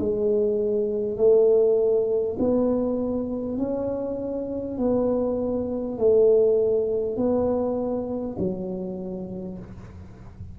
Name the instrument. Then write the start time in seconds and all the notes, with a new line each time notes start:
tuba
0.00 G#3
1.17 A3
2.39 B3
3.58 C#4
4.78 B3
5.98 A3
7.17 B3
8.39 F#3